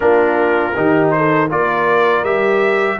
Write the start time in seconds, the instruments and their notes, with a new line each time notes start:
0.00 tuba A#3, trombone D4, horn F4, trumpet A#4
0.76 tuba D#3, trombone D#4, horn G4
1.10 trumpet C5
1.17 horn A4
1.48 tuba A#3, trombone F4, horn A#4, trumpet D5
2.23 tuba G3, trombone G4, trumpet E5